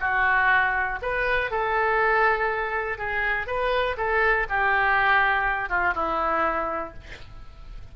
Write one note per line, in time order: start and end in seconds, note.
0.00 0.99 F#4
1.02 1.51 B4
1.51 2.98 A4
2.98 3.47 G#4
3.47 3.97 B4
3.97 4.47 A4
4.49 5.69 G4
5.69 5.94 F4
5.95 6.94 E4